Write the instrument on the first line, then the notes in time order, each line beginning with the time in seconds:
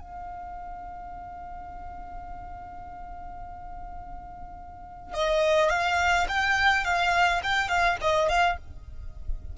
violin
0.00 F5
5.14 D#5
5.70 F5
6.29 G5
6.84 F5
7.43 G5
7.69 F5
8.01 D#5
8.29 F5